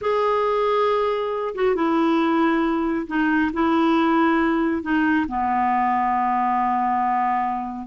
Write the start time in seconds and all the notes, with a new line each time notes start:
0.01 G#4
1.54 F#4
1.75 E4
3.07 D#4
3.53 E4
4.82 D#4
5.28 B3